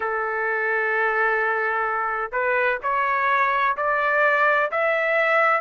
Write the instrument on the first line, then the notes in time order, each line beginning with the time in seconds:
trumpet
0.00 A4
2.31 B4
2.83 C#5
3.77 D5
4.71 E5